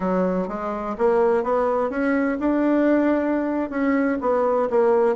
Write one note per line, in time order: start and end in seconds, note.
0.00 0.48 F#3
0.48 0.96 G#3
0.98 1.43 A#3
1.43 1.89 B3
1.89 2.37 C#4
2.39 3.70 D4
3.70 4.18 C#4
4.20 4.68 B3
4.70 5.15 A#3